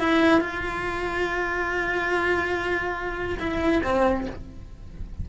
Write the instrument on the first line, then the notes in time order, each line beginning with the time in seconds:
cello
0.00 E4
0.41 F4
3.40 E4
3.84 C4